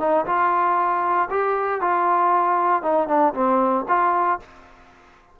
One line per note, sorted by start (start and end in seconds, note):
0.00 0.26 D#4
0.26 1.29 F4
1.30 1.81 G4
1.81 2.83 F4
2.83 3.08 D#4
3.08 3.34 D4
3.34 3.85 C4
3.88 4.39 F4